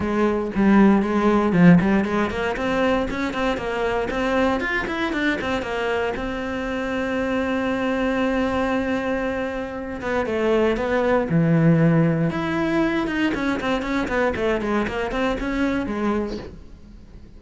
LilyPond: \new Staff \with { instrumentName = "cello" } { \time 4/4 \tempo 4 = 117 gis4 g4 gis4 f8 g8 | gis8 ais8 c'4 cis'8 c'8 ais4 | c'4 f'8 e'8 d'8 c'8 ais4 | c'1~ |
c'2.~ c'8 b8 | a4 b4 e2 | e'4. dis'8 cis'8 c'8 cis'8 b8 | a8 gis8 ais8 c'8 cis'4 gis4 | }